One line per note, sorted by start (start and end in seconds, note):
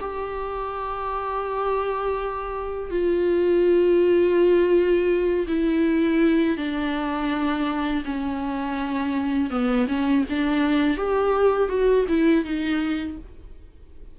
0.00 2.91 G4
2.91 5.47 F4
5.48 6.58 E4
6.58 8.04 D4
8.05 9.51 C#4
9.51 9.87 B3
9.88 10.25 C#4
10.30 10.97 D4
10.97 11.69 G4
11.69 12.06 F#4
12.08 12.45 E4
12.45 13.18 D#4